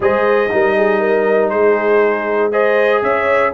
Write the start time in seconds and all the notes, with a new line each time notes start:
0.00 G#3 G#4 C5 D#5
0.50 G3 D#4 A#4
0.76 G#4
0.99 A#4
1.49 G#3 G#4 C5
2.51 G#4 C5 D#5
3.02 C#4 C#5 E5